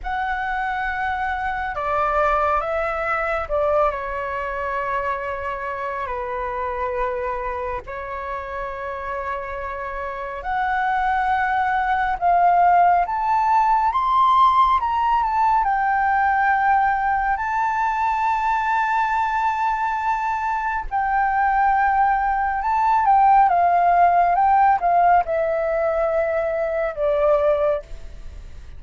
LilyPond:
\new Staff \with { instrumentName = "flute" } { \time 4/4 \tempo 4 = 69 fis''2 d''4 e''4 | d''8 cis''2~ cis''8 b'4~ | b'4 cis''2. | fis''2 f''4 a''4 |
c'''4 ais''8 a''8 g''2 | a''1 | g''2 a''8 g''8 f''4 | g''8 f''8 e''2 d''4 | }